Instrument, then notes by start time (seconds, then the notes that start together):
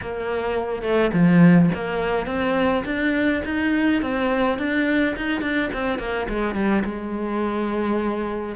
cello
0.01 A#3
0.82 A3
1.13 F3
1.74 A#3
2.26 C4
2.85 D4
3.44 D#4
4.02 C4
4.58 D4
5.16 D#4
5.41 D4
5.73 C4
5.98 A#3
6.28 G#3
6.54 G3
6.84 G#3